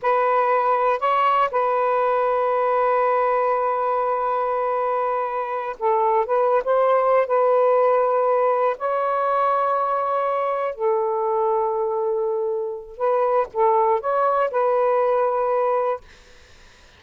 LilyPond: \new Staff \with { instrumentName = "saxophone" } { \time 4/4 \tempo 4 = 120 b'2 cis''4 b'4~ | b'1~ | b'2.~ b'8 a'8~ | a'8 b'8. c''4~ c''16 b'4.~ |
b'4. cis''2~ cis''8~ | cis''4. a'2~ a'8~ | a'2 b'4 a'4 | cis''4 b'2. | }